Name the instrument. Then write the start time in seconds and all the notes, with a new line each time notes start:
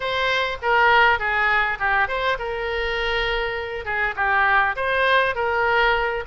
oboe
0.00 C5
0.62 A#4
1.19 G#4
1.79 G4
2.08 C5
2.38 A#4
3.85 G#4
4.16 G4
4.76 C5
5.35 A#4